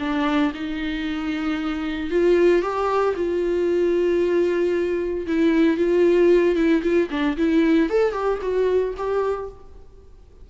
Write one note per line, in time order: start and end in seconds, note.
0.00 0.53 D4
0.54 2.11 D#4
2.11 2.62 F4
2.62 3.15 G4
3.16 5.27 F4
5.27 5.78 E4
5.78 6.56 F4
6.56 6.82 E4
6.83 7.09 F4
7.11 7.37 D4
7.38 7.90 E4
7.90 8.13 A4
8.13 8.39 G4
8.42 8.94 F#4
8.97 9.50 G4